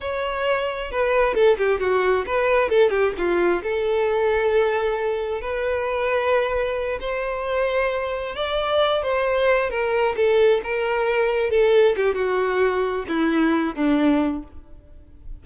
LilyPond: \new Staff \with { instrumentName = "violin" } { \time 4/4 \tempo 4 = 133 cis''2 b'4 a'8 g'8 | fis'4 b'4 a'8 g'8 f'4 | a'1 | b'2.~ b'8 c''8~ |
c''2~ c''8 d''4. | c''4. ais'4 a'4 ais'8~ | ais'4. a'4 g'8 fis'4~ | fis'4 e'4. d'4. | }